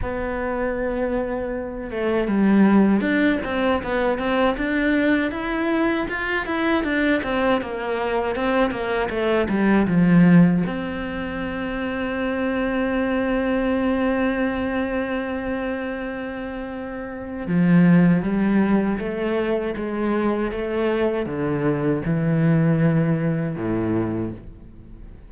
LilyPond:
\new Staff \with { instrumentName = "cello" } { \time 4/4 \tempo 4 = 79 b2~ b8 a8 g4 | d'8 c'8 b8 c'8 d'4 e'4 | f'8 e'8 d'8 c'8 ais4 c'8 ais8 | a8 g8 f4 c'2~ |
c'1~ | c'2. f4 | g4 a4 gis4 a4 | d4 e2 a,4 | }